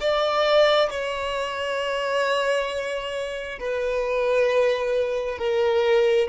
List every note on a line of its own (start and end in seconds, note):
0.00 0.90 D5
0.90 3.59 C#5
3.59 5.38 B4
5.38 6.28 A#4